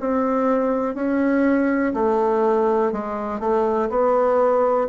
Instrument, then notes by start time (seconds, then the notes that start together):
bassoon
0.00 C4
0.95 C#4
1.94 A3
2.92 G#3
3.40 A3
3.89 B3